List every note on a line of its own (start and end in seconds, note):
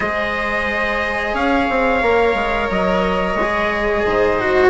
0.00 1.34 G#3
0.00 2.02 G#4
0.00 1.34 C5
0.00 1.35 D#5
1.34 1.67 C#4
1.34 4.03 C#5
1.34 2.69 F5
1.69 2.02 C4
2.02 2.34 A#3
2.02 3.37 A#4
2.34 2.68 G#3
2.70 3.35 F#3
2.70 4.69 D#5
3.35 4.02 G#3
3.42 4.39 G#4
4.05 4.69 G#2
4.05 4.69 C5
4.39 4.69 F#4